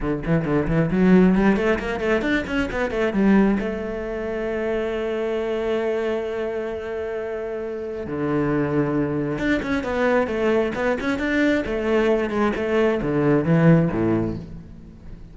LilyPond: \new Staff \with { instrumentName = "cello" } { \time 4/4 \tempo 4 = 134 d8 e8 d8 e8 fis4 g8 a8 | ais8 a8 d'8 cis'8 b8 a8 g4 | a1~ | a1~ |
a2 d2~ | d4 d'8 cis'8 b4 a4 | b8 cis'8 d'4 a4. gis8 | a4 d4 e4 a,4 | }